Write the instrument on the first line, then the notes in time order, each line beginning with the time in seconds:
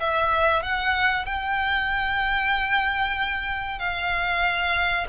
violin
0.00 E5
0.63 F#5
1.26 G5
3.79 F5